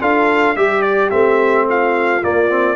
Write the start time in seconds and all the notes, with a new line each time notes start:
0.00 D4 F4 A4 F5
0.55 G3 G4 E5
0.81 D5
1.10 A3 C4 E5
1.68 F4 F5
2.22 A#3 D5
2.49 C4